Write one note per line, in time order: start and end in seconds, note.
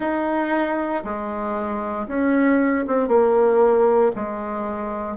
0.00 1.03 D#4
1.03 2.07 G#3
2.07 2.84 C#4
2.87 3.08 C4
3.08 4.11 A#3
4.15 5.16 G#3